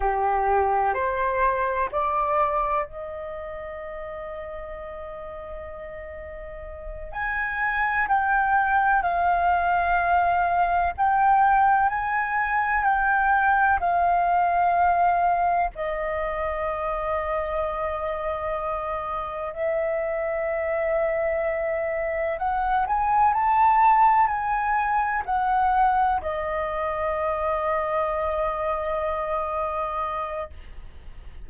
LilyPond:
\new Staff \with { instrumentName = "flute" } { \time 4/4 \tempo 4 = 63 g'4 c''4 d''4 dis''4~ | dis''2.~ dis''8 gis''8~ | gis''8 g''4 f''2 g''8~ | g''8 gis''4 g''4 f''4.~ |
f''8 dis''2.~ dis''8~ | dis''8 e''2. fis''8 | gis''8 a''4 gis''4 fis''4 dis''8~ | dis''1 | }